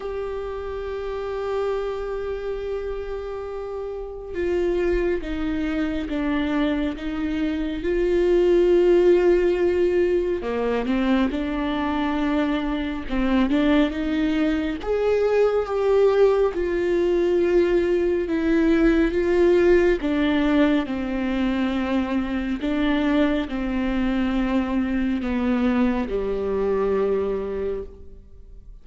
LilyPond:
\new Staff \with { instrumentName = "viola" } { \time 4/4 \tempo 4 = 69 g'1~ | g'4 f'4 dis'4 d'4 | dis'4 f'2. | ais8 c'8 d'2 c'8 d'8 |
dis'4 gis'4 g'4 f'4~ | f'4 e'4 f'4 d'4 | c'2 d'4 c'4~ | c'4 b4 g2 | }